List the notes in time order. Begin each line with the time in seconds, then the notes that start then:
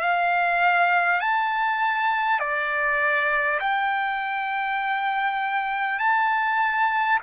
0.00 F5
1.20 A5
2.39 D5
3.59 G5
5.98 A5